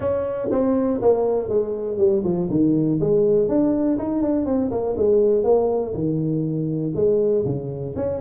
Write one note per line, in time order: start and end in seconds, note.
0.00 0.48 C#4
0.51 1.00 C4
1.01 1.48 A#3
1.48 1.97 G#3
1.97 2.22 G3
2.24 2.49 F3
2.50 2.99 D#3
3.00 3.48 G#3
3.48 3.97 D4
3.98 4.22 D#4
4.22 4.45 D4
4.45 4.70 C4
4.71 4.96 A#3
4.97 5.43 G#3
5.43 5.93 A#3
5.93 6.93 D#3
6.95 7.44 G#3
7.45 7.95 C#3
7.96 8.20 C#4